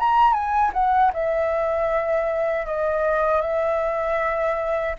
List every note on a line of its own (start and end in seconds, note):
0.00 0.34 A#5
0.34 0.72 G#5
0.74 1.12 F#5
1.14 2.66 E5
2.66 3.42 D#5
3.42 4.96 E5